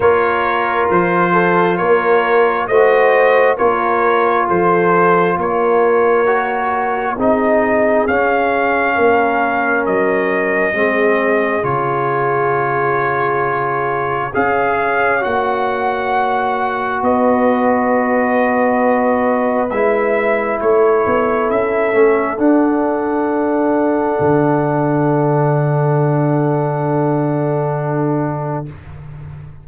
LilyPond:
<<
  \new Staff \with { instrumentName = "trumpet" } { \time 4/4 \tempo 4 = 67 cis''4 c''4 cis''4 dis''4 | cis''4 c''4 cis''2 | dis''4 f''2 dis''4~ | dis''4 cis''2. |
f''4 fis''2 dis''4~ | dis''2 e''4 cis''4 | e''4 fis''2.~ | fis''1 | }
  \new Staff \with { instrumentName = "horn" } { \time 4/4 ais'4. a'8 ais'4 c''4 | ais'4 a'4 ais'2 | gis'2 ais'2 | gis'1 |
cis''2. b'4~ | b'2. a'4~ | a'1~ | a'1 | }
  \new Staff \with { instrumentName = "trombone" } { \time 4/4 f'2. fis'4 | f'2. fis'4 | dis'4 cis'2. | c'4 f'2. |
gis'4 fis'2.~ | fis'2 e'2~ | e'8 cis'8 d'2.~ | d'1 | }
  \new Staff \with { instrumentName = "tuba" } { \time 4/4 ais4 f4 ais4 a4 | ais4 f4 ais2 | c'4 cis'4 ais4 fis4 | gis4 cis2. |
cis'4 ais2 b4~ | b2 gis4 a8 b8 | cis'8 a8 d'2 d4~ | d1 | }
>>